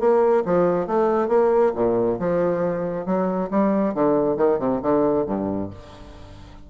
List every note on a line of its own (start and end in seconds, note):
0.00 0.44 A#3
0.46 0.87 F3
0.87 1.29 A3
1.29 1.72 A#3
1.76 2.19 A#2
2.20 3.06 F3
3.06 3.50 F#3
3.51 3.95 G3
3.95 4.37 D3
4.37 4.59 D#3
4.59 4.81 C3
4.83 5.26 D3
5.27 5.70 G2